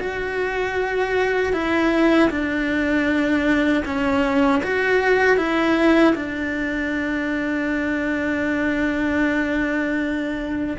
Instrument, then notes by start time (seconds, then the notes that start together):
cello
0.00 F#4
1.53 E4
2.30 D4
3.85 C#4
4.63 F#4
5.37 E4
6.15 D4